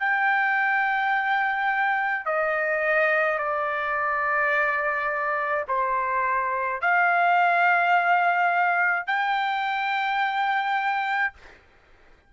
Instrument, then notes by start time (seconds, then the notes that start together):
trumpet
0.00 G5
2.26 D#5
3.39 D5
5.69 C5
6.82 F5
9.08 G5